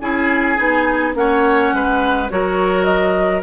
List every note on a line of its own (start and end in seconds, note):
0.00 0.57 C#4
0.00 0.57 E4
0.00 1.14 G#4
0.00 1.13 G#5
0.57 1.14 B3
0.57 1.13 D#4
1.14 1.71 A#3
1.14 2.28 C#4
1.14 1.75 C#5
1.14 2.29 F#5
1.72 2.29 G#3
1.72 2.31 B4
2.29 3.43 F#3
2.29 3.43 F#4
2.29 3.43 A#4
2.29 2.84 C#5
2.84 3.40 D#5